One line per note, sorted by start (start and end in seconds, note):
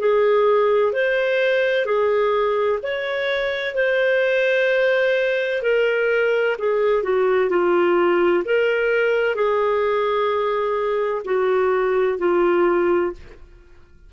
0.00 0.93 G#4
0.93 1.86 C5
1.86 2.80 G#4
2.83 3.75 C#5
3.75 5.63 C5
5.63 6.57 A#4
6.59 7.04 G#4
7.04 7.50 F#4
7.50 8.44 F4
8.45 9.36 A#4
9.36 11.23 G#4
11.25 12.19 F#4
12.19 13.13 F4